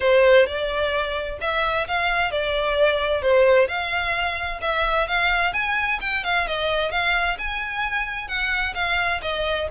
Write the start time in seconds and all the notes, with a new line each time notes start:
0.00 C5
0.46 D5
1.41 E5
1.87 F5
2.31 D5
3.22 C5
3.68 F5
4.61 E5
5.07 F5
5.53 G#5
6.00 G5
6.23 F5
6.47 D#5
6.91 F5
7.38 G#5
8.27 F#5
8.74 F5
9.22 D#5